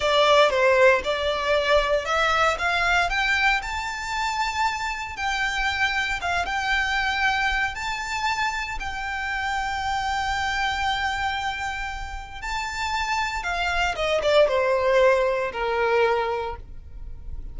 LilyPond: \new Staff \with { instrumentName = "violin" } { \time 4/4 \tempo 4 = 116 d''4 c''4 d''2 | e''4 f''4 g''4 a''4~ | a''2 g''2 | f''8 g''2~ g''8 a''4~ |
a''4 g''2.~ | g''1 | a''2 f''4 dis''8 d''8 | c''2 ais'2 | }